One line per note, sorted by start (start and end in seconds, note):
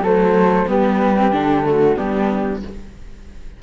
0.00 0.65 F#3
0.00 0.66 A3
0.00 0.68 A4
0.00 0.69 C5
0.66 1.32 G3
0.66 1.15 B3
0.66 1.67 G4
0.66 1.33 B4
1.17 1.32 C4
1.32 1.97 D3
1.32 1.63 D4
1.32 1.97 A4
1.63 1.96 A3
1.63 1.97 F#4
1.96 2.63 G3
1.96 2.60 B3
1.96 2.62 D4
1.96 2.62 G4